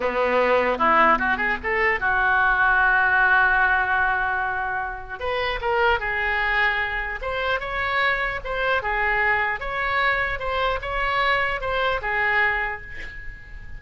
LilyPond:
\new Staff \with { instrumentName = "oboe" } { \time 4/4 \tempo 4 = 150 b2 e'4 fis'8 gis'8 | a'4 fis'2.~ | fis'1~ | fis'4 b'4 ais'4 gis'4~ |
gis'2 c''4 cis''4~ | cis''4 c''4 gis'2 | cis''2 c''4 cis''4~ | cis''4 c''4 gis'2 | }